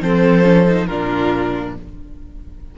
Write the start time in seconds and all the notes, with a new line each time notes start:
0.00 F3 C4 A4 C5
0.43 C#4
0.66 D#4
0.86 A#2 D4 F4 A#4